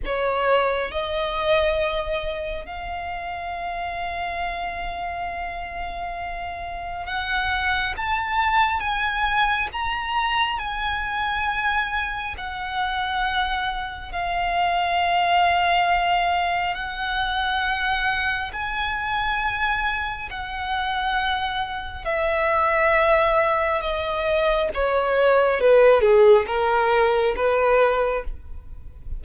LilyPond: \new Staff \with { instrumentName = "violin" } { \time 4/4 \tempo 4 = 68 cis''4 dis''2 f''4~ | f''1 | fis''4 a''4 gis''4 ais''4 | gis''2 fis''2 |
f''2. fis''4~ | fis''4 gis''2 fis''4~ | fis''4 e''2 dis''4 | cis''4 b'8 gis'8 ais'4 b'4 | }